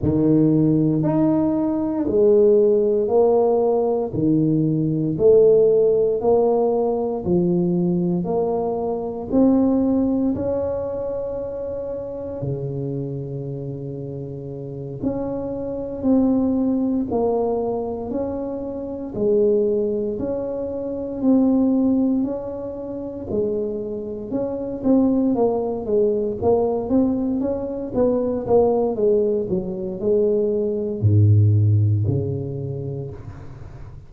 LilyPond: \new Staff \with { instrumentName = "tuba" } { \time 4/4 \tempo 4 = 58 dis4 dis'4 gis4 ais4 | dis4 a4 ais4 f4 | ais4 c'4 cis'2 | cis2~ cis8 cis'4 c'8~ |
c'8 ais4 cis'4 gis4 cis'8~ | cis'8 c'4 cis'4 gis4 cis'8 | c'8 ais8 gis8 ais8 c'8 cis'8 b8 ais8 | gis8 fis8 gis4 gis,4 cis4 | }